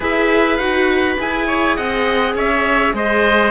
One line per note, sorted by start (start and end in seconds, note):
0.00 0.58 E4
0.00 0.59 G#4
0.00 1.46 B4
0.00 0.57 E5
0.57 1.17 D#4
0.57 1.18 F#4
0.57 1.16 F#5
1.18 1.78 E4
1.18 3.51 G#4
1.18 1.76 G#5
1.46 1.76 C#5
1.76 2.34 C4
1.76 2.34 D#5
1.76 2.35 F#5
2.34 2.93 C#4
2.34 2.94 C#5
2.34 2.96 E5
2.93 3.51 G#3
2.93 3.51 C5
2.93 3.51 D#5